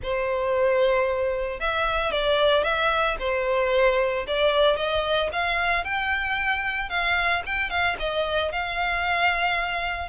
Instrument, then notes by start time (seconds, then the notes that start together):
violin
0.02 C5
1.60 E5
2.11 D5
2.63 E5
3.19 C5
4.27 D5
4.76 D#5
5.32 F5
5.84 G5
6.89 F5
7.46 G5
7.70 F5
7.99 D#5
8.51 F5